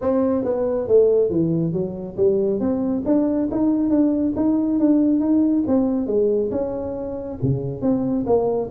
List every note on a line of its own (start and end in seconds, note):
0.01 0.44 C4
0.44 0.87 B3
0.87 1.29 A3
1.29 1.72 E3
1.72 2.16 F#3
2.16 2.59 G3
2.59 3.03 C4
3.05 3.49 D4
3.51 3.89 D#4
3.89 4.33 D4
4.36 4.79 D#4
4.79 5.20 D4
5.20 5.63 D#4
5.67 6.06 C4
6.06 6.50 G#3
6.51 7.38 C#4
7.42 7.81 C#3
7.81 8.25 C4
8.26 8.69 A#3